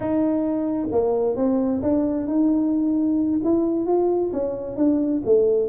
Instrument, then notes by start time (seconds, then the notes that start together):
tuba
0.00 D#4
0.91 A#3
1.36 C4
1.82 D4
2.27 D#4
3.44 E4
3.86 F4
4.32 C#4
4.76 D4
5.25 A3